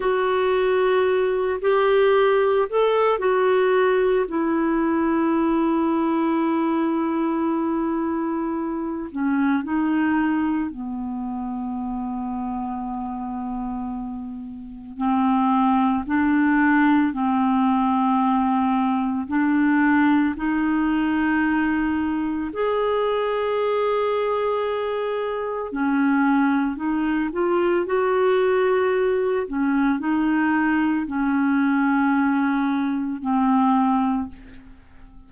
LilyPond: \new Staff \with { instrumentName = "clarinet" } { \time 4/4 \tempo 4 = 56 fis'4. g'4 a'8 fis'4 | e'1~ | e'8 cis'8 dis'4 b2~ | b2 c'4 d'4 |
c'2 d'4 dis'4~ | dis'4 gis'2. | cis'4 dis'8 f'8 fis'4. cis'8 | dis'4 cis'2 c'4 | }